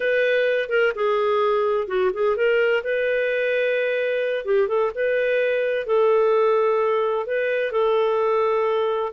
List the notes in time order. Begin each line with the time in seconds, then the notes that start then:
0.00 B4
0.69 A#4
0.95 G#4
1.87 F#4
2.13 G#4
2.36 A#4
2.83 B4
4.45 G4
4.67 A4
4.95 B4
5.86 A4
7.26 B4
7.71 A4